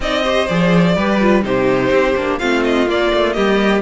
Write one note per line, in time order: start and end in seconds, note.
0.00 0.47 C4
0.00 0.24 D#4
0.00 0.22 D5
0.00 0.47 D#5
0.22 0.48 G4
0.22 0.94 C5
0.47 0.96 F3
0.47 0.97 G#4
0.47 1.43 D5
0.96 1.44 G3
0.96 1.21 G4
0.96 1.44 B4
1.21 1.42 F4
1.42 1.90 C3
1.42 2.14 D#4
1.42 2.39 G4
1.42 2.39 C5
1.90 2.14 C4
2.16 2.40 A#3
2.16 2.40 D4
2.39 2.88 A3
2.39 2.87 C4
2.39 3.34 F4
2.39 2.62 F5
2.64 2.88 D#5
2.87 3.82 A#3
2.87 3.12 A#3
2.87 3.33 D5
3.13 3.36 A3
3.33 3.82 G3
3.33 3.82 G4
3.33 3.81 D#5